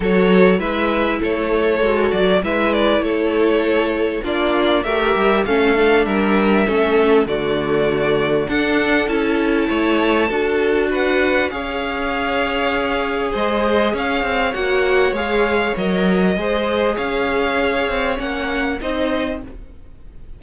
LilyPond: <<
  \new Staff \with { instrumentName = "violin" } { \time 4/4 \tempo 4 = 99 cis''4 e''4 cis''4. d''8 | e''8 d''8 cis''2 d''4 | e''4 f''4 e''2 | d''2 fis''4 a''4~ |
a''2 fis''4 f''4~ | f''2 dis''4 f''4 | fis''4 f''4 dis''2 | f''2 fis''4 dis''4 | }
  \new Staff \with { instrumentName = "violin" } { \time 4/4 a'4 b'4 a'2 | b'4 a'2 f'4 | ais'4 a'4 ais'4 a'4 | fis'2 a'2 |
cis''4 a'4 b'4 cis''4~ | cis''2 c''4 cis''4~ | cis''2. c''4 | cis''2. c''4 | }
  \new Staff \with { instrumentName = "viola" } { \time 4/4 fis'4 e'2 fis'4 | e'2. d'4 | g'4 cis'8 d'4. cis'4 | a2 d'4 e'4~ |
e'4 fis'2 gis'4~ | gis'1 | fis'4 gis'4 ais'4 gis'4~ | gis'2 cis'4 dis'4 | }
  \new Staff \with { instrumentName = "cello" } { \time 4/4 fis4 gis4 a4 gis8 fis8 | gis4 a2 ais4 | a8 g8 a4 g4 a4 | d2 d'4 cis'4 |
a4 d'2 cis'4~ | cis'2 gis4 cis'8 c'8 | ais4 gis4 fis4 gis4 | cis'4. c'8 ais4 c'4 | }
>>